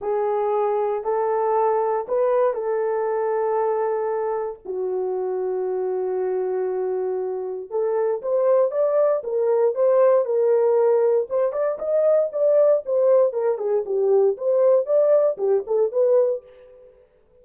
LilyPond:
\new Staff \with { instrumentName = "horn" } { \time 4/4 \tempo 4 = 117 gis'2 a'2 | b'4 a'2.~ | a'4 fis'2.~ | fis'2. a'4 |
c''4 d''4 ais'4 c''4 | ais'2 c''8 d''8 dis''4 | d''4 c''4 ais'8 gis'8 g'4 | c''4 d''4 g'8 a'8 b'4 | }